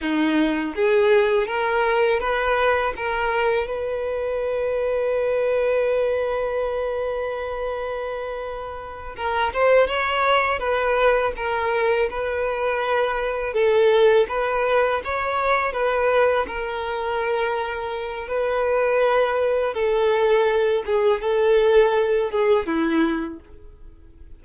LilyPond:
\new Staff \with { instrumentName = "violin" } { \time 4/4 \tempo 4 = 82 dis'4 gis'4 ais'4 b'4 | ais'4 b'2.~ | b'1~ | b'8 ais'8 c''8 cis''4 b'4 ais'8~ |
ais'8 b'2 a'4 b'8~ | b'8 cis''4 b'4 ais'4.~ | ais'4 b'2 a'4~ | a'8 gis'8 a'4. gis'8 e'4 | }